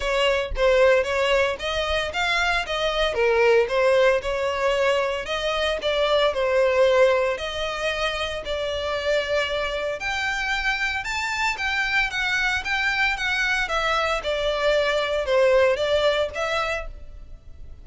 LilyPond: \new Staff \with { instrumentName = "violin" } { \time 4/4 \tempo 4 = 114 cis''4 c''4 cis''4 dis''4 | f''4 dis''4 ais'4 c''4 | cis''2 dis''4 d''4 | c''2 dis''2 |
d''2. g''4~ | g''4 a''4 g''4 fis''4 | g''4 fis''4 e''4 d''4~ | d''4 c''4 d''4 e''4 | }